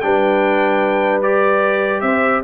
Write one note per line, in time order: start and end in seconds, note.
0.00 2.02 G3
0.00 1.22 D4
0.00 2.04 B4
0.00 1.21 G5
1.22 2.43 G4
1.22 2.00 D5
2.00 2.42 C4
2.00 2.44 C5
2.00 2.41 E5